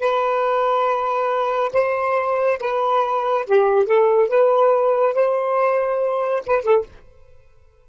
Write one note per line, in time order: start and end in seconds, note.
0.00 1.71 B4
1.73 2.59 C5
2.60 3.46 B4
3.47 3.86 G4
3.86 4.29 A4
4.29 5.15 B4
5.15 6.43 C5
6.46 6.64 B4
6.64 6.85 A4